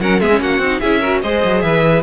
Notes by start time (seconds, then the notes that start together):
0.00 F#3 C#4 A#4 F#5
0.20 G#3 B3 G#4 E5
0.29 C#4
0.39 A#3 F#4 F#5
0.58 C4 D#4
0.80 C#4 E4 G#4 E5
1.00 F#4 A#4
1.21 G#3 G#4 C5 D#5
1.44 F#3
1.61 E3 B4 E5